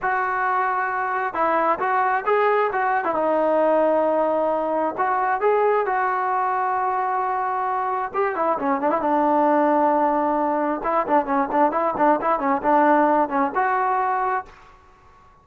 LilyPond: \new Staff \with { instrumentName = "trombone" } { \time 4/4 \tempo 4 = 133 fis'2. e'4 | fis'4 gis'4 fis'8. e'16 dis'4~ | dis'2. fis'4 | gis'4 fis'2.~ |
fis'2 g'8 e'8 cis'8 d'16 e'16 | d'1 | e'8 d'8 cis'8 d'8 e'8 d'8 e'8 cis'8 | d'4. cis'8 fis'2 | }